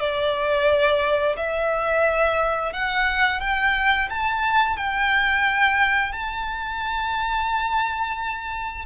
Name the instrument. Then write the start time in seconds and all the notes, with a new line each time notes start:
violin
0.00 D5
1.37 E5
2.73 F#5
3.41 G5
4.10 A5
4.77 G5
6.13 A5